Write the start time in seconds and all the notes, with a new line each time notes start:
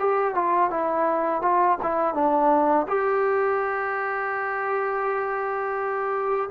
0.00 G4
0.35 F4
0.71 E4
1.42 F4
1.83 E4
2.15 D4
2.88 G4